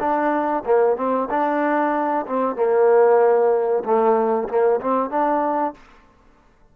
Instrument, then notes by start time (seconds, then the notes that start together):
trombone
0.00 D4
0.66 A#3
0.97 C4
1.30 D4
2.27 C4
2.56 A#3
3.85 A3
4.49 A#3
4.81 C4
5.10 D4